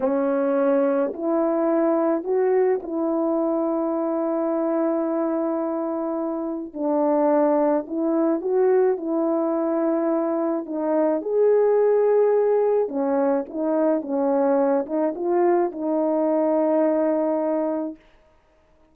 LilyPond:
\new Staff \with { instrumentName = "horn" } { \time 4/4 \tempo 4 = 107 cis'2 e'2 | fis'4 e'2.~ | e'1 | d'2 e'4 fis'4 |
e'2. dis'4 | gis'2. cis'4 | dis'4 cis'4. dis'8 f'4 | dis'1 | }